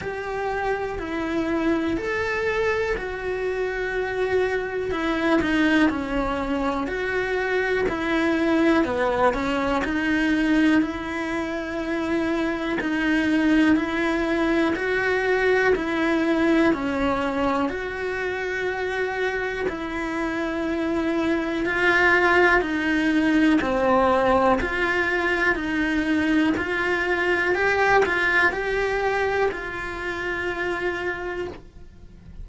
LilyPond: \new Staff \with { instrumentName = "cello" } { \time 4/4 \tempo 4 = 61 g'4 e'4 a'4 fis'4~ | fis'4 e'8 dis'8 cis'4 fis'4 | e'4 b8 cis'8 dis'4 e'4~ | e'4 dis'4 e'4 fis'4 |
e'4 cis'4 fis'2 | e'2 f'4 dis'4 | c'4 f'4 dis'4 f'4 | g'8 f'8 g'4 f'2 | }